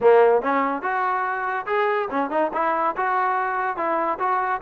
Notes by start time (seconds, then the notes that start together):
0.01 A#3
0.42 C#4
0.82 F#4
1.66 G#4
2.10 C#4
2.30 D#4
2.53 E4
2.96 F#4
3.76 E4
4.19 F#4